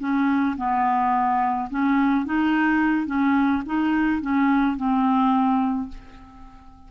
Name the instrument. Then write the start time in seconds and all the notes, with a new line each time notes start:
clarinet
0.00 C#4
0.57 B3
1.71 C#4
2.26 D#4
3.07 C#4
3.66 D#4
4.22 C#4
4.77 C4